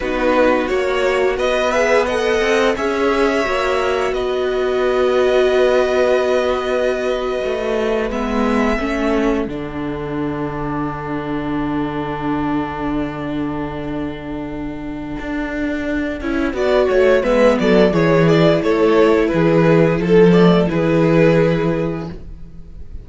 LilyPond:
<<
  \new Staff \with { instrumentName = "violin" } { \time 4/4 \tempo 4 = 87 b'4 cis''4 dis''8 e''8 fis''4 | e''2 dis''2~ | dis''2.~ dis''8. e''16~ | e''4.~ e''16 fis''2~ fis''16~ |
fis''1~ | fis''1~ | fis''4 e''8 d''8 cis''8 d''8 cis''4 | b'4 a'4 b'2 | }
  \new Staff \with { instrumentName = "violin" } { \time 4/4 fis'2 b'4 dis''4 | cis''2 b'2~ | b'1~ | b'8. a'2.~ a'16~ |
a'1~ | a'1 | d''8 cis''8 b'8 a'8 gis'4 a'4 | gis'4 a'8 d''8 gis'2 | }
  \new Staff \with { instrumentName = "viola" } { \time 4/4 dis'4 fis'4. gis'8 a'4 | gis'4 fis'2.~ | fis'2.~ fis'8. b16~ | b8. cis'4 d'2~ d'16~ |
d'1~ | d'2.~ d'8 e'8 | fis'4 b4 e'2~ | e'4. a8 e'2 | }
  \new Staff \with { instrumentName = "cello" } { \time 4/4 b4 ais4 b4. c'8 | cis'4 ais4 b2~ | b2~ b8. a4 gis16~ | gis8. a4 d2~ d16~ |
d1~ | d2 d'4. cis'8 | b8 a8 gis8 fis8 e4 a4 | e4 f4 e2 | }
>>